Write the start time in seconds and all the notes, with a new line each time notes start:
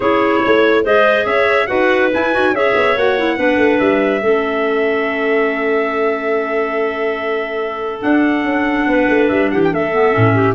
0.00 C#4 E4 G#4 C#5
0.42 A3 C#5
0.84 G#3 G#4 C5 D#5
1.25 C#4 C#5 E5
1.66 D#4 F#4 B4 F#5
2.12 E4 G#5
2.33 D#4 F#4
2.51 C#4 G#4 C#5 E5
2.74 B3
2.96 A#3 F#4 F#5
3.18 E4
3.36 B3 D4 B4
3.56 A3
3.79 G3 E5
4.21 A3 C#4 A4
8.01 D4 F#5
8.43 C#4
8.86 B3 B4
9.08 A3
9.28 G3 E5
9.50 E3 G4 F#5
9.63 G5
9.72 A3 A4 E5
9.92 B3
10.11 A2 C#4
10.34 G4